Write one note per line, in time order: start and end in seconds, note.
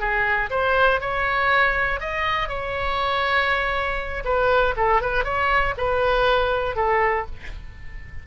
0.00 0.50 G#4
0.51 1.01 C5
1.01 2.00 C#5
2.00 2.49 D#5
2.49 4.24 C#5
4.25 4.75 B4
4.77 5.02 A4
5.02 5.24 B4
5.24 5.74 C#5
5.78 6.76 B4
6.76 7.26 A4